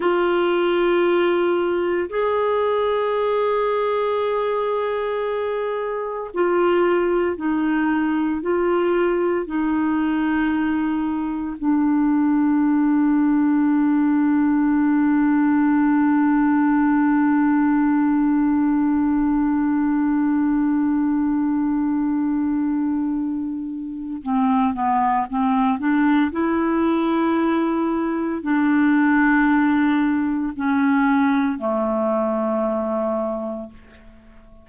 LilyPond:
\new Staff \with { instrumentName = "clarinet" } { \time 4/4 \tempo 4 = 57 f'2 gis'2~ | gis'2 f'4 dis'4 | f'4 dis'2 d'4~ | d'1~ |
d'1~ | d'2. c'8 b8 | c'8 d'8 e'2 d'4~ | d'4 cis'4 a2 | }